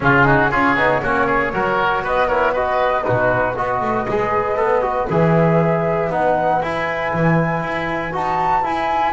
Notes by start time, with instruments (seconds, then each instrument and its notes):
0.00 double bass C#3, trombone C#4, oboe F4, flute G#4
0.24 trombone D#4, oboe F#4
0.50 double bass C#4, trombone F4, oboe G#4, flute C#5
0.75 double bass B3, trombone D#4
1.02 double bass A#3, trombone C#4, oboe F#4
1.26 oboe G#4
1.53 double bass F#3, trombone F#4, oboe A#4
2.02 double bass B3, oboe B4, flute D#5
2.27 trombone E4, oboe A#4, flute C#5
2.53 trombone F#4, oboe B4, flute D#5
3.03 double bass B2, trombone D#4, oboe F#4, flute B4
3.55 double bass B3, trombone F#4, oboe B4, flute D#5
3.80 double bass A3
4.08 double bass G#3, trombone G#4
4.56 double bass B3, trombone A4
4.81 trombone F#4
5.09 double bass E3, trombone G#4, flute E5
6.09 double bass B3, trombone D#4, flute F#5
6.61 double bass E4, trombone E4, flute G#5
7.13 double bass E3
7.62 double bass E4
8.12 double bass D#4, trombone F#4, flute A5
8.62 trombone E4, double bass E4, flute G#5